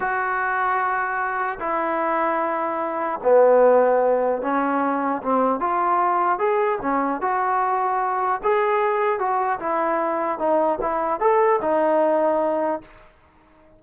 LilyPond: \new Staff \with { instrumentName = "trombone" } { \time 4/4 \tempo 4 = 150 fis'1 | e'1 | b2. cis'4~ | cis'4 c'4 f'2 |
gis'4 cis'4 fis'2~ | fis'4 gis'2 fis'4 | e'2 dis'4 e'4 | a'4 dis'2. | }